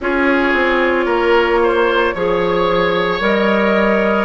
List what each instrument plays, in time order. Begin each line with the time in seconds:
0.00 bassoon C#4, clarinet F4, oboe G#4, flute C#5
0.53 bassoon C4
1.05 bassoon A#3, oboe A#4
1.63 oboe C5
2.14 bassoon F3, clarinet G#4, oboe C#5
3.20 bassoon G3, clarinet A#4, flute D#5